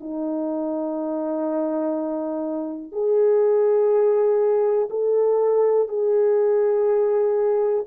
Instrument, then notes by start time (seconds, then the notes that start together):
horn
0.00 D#4
2.92 G#4
4.90 A4
5.88 G#4